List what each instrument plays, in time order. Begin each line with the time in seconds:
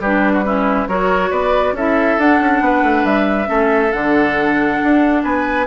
0.00 bassoon G3, clarinet D4, oboe G4, flute B4
0.33 oboe F#4
0.44 clarinet C#4, oboe E4
0.88 bassoon F#3, clarinet F#4, oboe A#4, flute C#5
1.30 bassoon B3, oboe B4, flute D5
1.72 bassoon C#4, clarinet E4, oboe A4, flute E5
2.18 bassoon D4, clarinet D4, flute F#5
2.40 bassoon C#4
2.60 bassoon B3, oboe B4
2.82 bassoon A3
3.04 bassoon G3, flute E5
3.46 bassoon A3, clarinet C#4, oboe A4
3.92 bassoon D3, clarinet D4, flute F#5
4.83 bassoon D4
5.23 bassoon B3, oboe B4, flute G#5